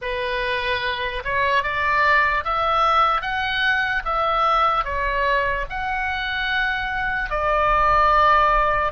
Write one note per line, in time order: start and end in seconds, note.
0.01 1.23 B4
1.24 1.63 C#5
1.63 2.44 D5
2.44 3.21 E5
3.21 4.02 F#5
4.04 4.84 E5
4.84 5.65 C#5
5.69 7.30 F#5
7.30 8.92 D5